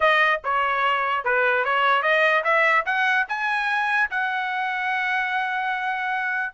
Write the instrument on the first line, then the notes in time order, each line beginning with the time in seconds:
trumpet
0.00 D#5
0.44 C#5
1.24 B4
1.64 C#5
2.02 D#5
2.44 E5
2.85 F#5
3.28 G#5
4.10 F#5